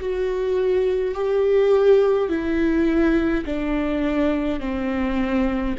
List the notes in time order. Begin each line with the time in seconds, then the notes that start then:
0.00 F#4
1.15 G4
2.29 E4
3.46 D4
4.60 C4